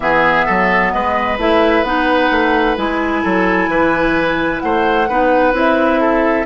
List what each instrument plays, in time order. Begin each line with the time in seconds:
0.00 bassoon E3, clarinet B3, oboe G#4, flute E5
0.45 bassoon F#3, oboe A4
0.91 bassoon G#3, oboe B4, flute D#5
1.37 bassoon A3, clarinet E4, flute E5
1.82 bassoon B3, clarinet D#4, flute F#5
2.31 bassoon A3
2.76 bassoon G#3, clarinet E4, flute G#5
3.23 bassoon F#3, oboe A4
3.68 bassoon E3, oboe B4
4.59 bassoon A3, oboe C5, flute F#5
5.08 bassoon B3, clarinet D#4, oboe B4
5.52 bassoon C4, clarinet E4, flute E5
6.00 oboe A4